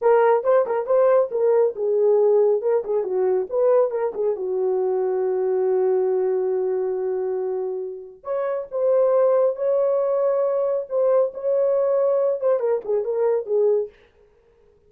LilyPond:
\new Staff \with { instrumentName = "horn" } { \time 4/4 \tempo 4 = 138 ais'4 c''8 ais'8 c''4 ais'4 | gis'2 ais'8 gis'8 fis'4 | b'4 ais'8 gis'8 fis'2~ | fis'1~ |
fis'2. cis''4 | c''2 cis''2~ | cis''4 c''4 cis''2~ | cis''8 c''8 ais'8 gis'8 ais'4 gis'4 | }